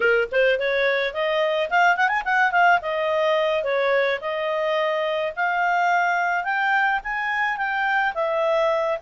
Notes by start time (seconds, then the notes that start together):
0.00 A#4
0.31 C5
0.59 C#5
1.13 D#5
1.70 F5
1.96 F#5
2.08 G#5
2.24 F#5
2.51 F5
2.81 D#5
3.63 C#5
4.21 D#5
5.36 F5
6.44 G5
7.03 G#5
7.57 G5
8.14 E5